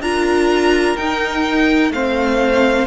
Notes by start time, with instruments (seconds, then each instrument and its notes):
0.00 cello D4, viola F4, violin A#4 A#5
0.97 viola D#4, cello D#4, violin G5
1.90 cello A3, viola C4, violin C5 F5